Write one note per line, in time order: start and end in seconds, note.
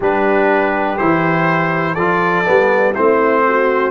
0.00 0.98 G3
0.00 0.97 D4
0.00 1.93 G4
0.00 0.97 B4
0.97 1.97 E3
0.97 1.96 E4
0.97 1.94 C5
1.93 2.46 F3
1.93 2.45 F4
1.93 2.92 A4
1.93 2.93 D5
2.45 2.97 G3
2.45 2.94 B3
2.94 3.91 A3
2.94 3.91 C4
2.94 3.43 E4
2.94 3.91 C5
3.47 3.91 F#4